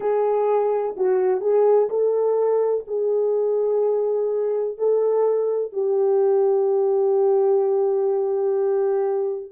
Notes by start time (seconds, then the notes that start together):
0.00 G#4
0.96 F#4
1.40 G#4
1.89 A4
2.87 G#4
4.77 A4
5.72 G4